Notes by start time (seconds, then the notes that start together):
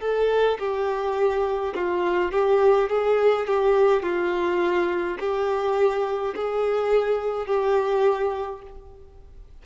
0.00 A4
0.59 G4
1.75 F4
2.31 G4
2.89 G#4
3.47 G4
4.02 F4
5.19 G4
6.35 G#4
7.46 G4